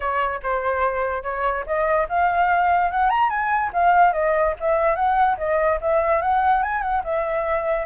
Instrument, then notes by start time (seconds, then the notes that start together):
flute
0.00 C#5
0.43 C5
1.23 C#5
1.66 D#5
2.09 F5
2.91 F#5
3.09 A#5
3.29 G#5
3.73 F5
4.13 D#5
4.60 E5
4.95 F#5
5.37 D#5
5.81 E5
6.21 F#5
6.62 G#5
6.81 F#5
7.04 E5